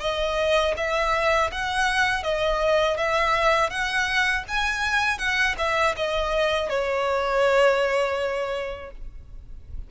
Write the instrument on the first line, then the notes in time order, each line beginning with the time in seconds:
violin
0.00 D#5
0.76 E5
1.51 F#5
2.23 D#5
2.97 E5
3.70 F#5
4.48 G#5
5.18 F#5
5.58 E5
5.96 D#5
6.69 C#5